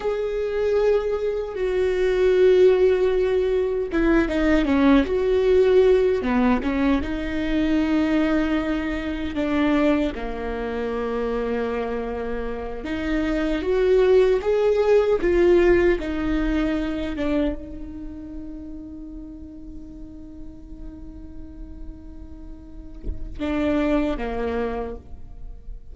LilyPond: \new Staff \with { instrumentName = "viola" } { \time 4/4 \tempo 4 = 77 gis'2 fis'2~ | fis'4 e'8 dis'8 cis'8 fis'4. | b8 cis'8 dis'2. | d'4 ais2.~ |
ais8 dis'4 fis'4 gis'4 f'8~ | f'8 dis'4. d'8 dis'4.~ | dis'1~ | dis'2 d'4 ais4 | }